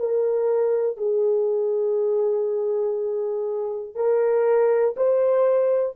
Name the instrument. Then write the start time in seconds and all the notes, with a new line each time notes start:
horn
0.00 A#4
0.98 G#4
3.96 A#4
4.97 C5